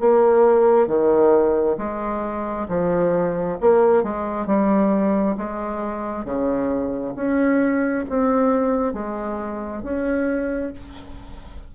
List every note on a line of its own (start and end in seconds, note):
0.00 0.88 A#3
0.88 1.77 D#3
1.78 2.67 G#3
2.69 3.58 F3
3.61 4.03 A#3
4.03 4.47 G#3
4.47 5.36 G3
5.37 6.25 G#3
6.25 7.14 C#3
7.15 8.05 C#4
8.10 8.93 C4
8.93 9.83 G#3
9.83 10.73 C#4